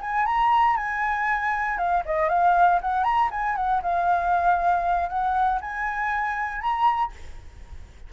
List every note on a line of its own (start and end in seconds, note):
0.00 0.25 G#5
0.25 0.76 A#5
0.76 1.77 G#5
1.77 2.03 F5
2.05 2.29 D#5
2.29 2.79 F5
2.81 3.03 F#5
3.03 3.29 A#5
3.31 3.55 G#5
3.55 3.81 F#5
3.82 5.08 F5
5.08 5.59 F#5
5.60 6.61 G#5
6.61 7.12 A#5